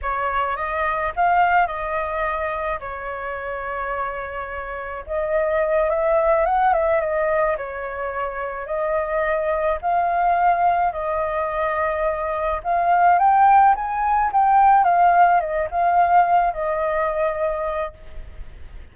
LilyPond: \new Staff \with { instrumentName = "flute" } { \time 4/4 \tempo 4 = 107 cis''4 dis''4 f''4 dis''4~ | dis''4 cis''2.~ | cis''4 dis''4. e''4 fis''8 | e''8 dis''4 cis''2 dis''8~ |
dis''4. f''2 dis''8~ | dis''2~ dis''8 f''4 g''8~ | g''8 gis''4 g''4 f''4 dis''8 | f''4. dis''2~ dis''8 | }